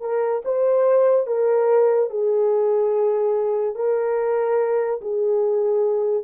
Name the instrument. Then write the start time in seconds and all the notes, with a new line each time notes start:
horn
0.00 A#4
0.44 C5
1.27 A#4
2.10 G#4
3.75 A#4
5.01 G#4